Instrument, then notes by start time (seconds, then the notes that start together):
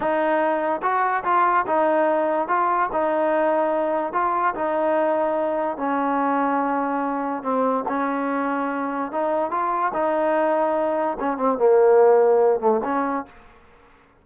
trombone
0.00 D#4
0.82 F#4
1.24 F4
1.66 D#4
2.48 F4
2.92 D#4
4.13 F4
4.54 D#4
5.77 C#4
7.43 C4
7.88 C#4
9.11 D#4
9.50 F4
9.93 D#4
11.19 C#4
11.37 C4
11.58 A#3
12.60 A3
12.84 C#4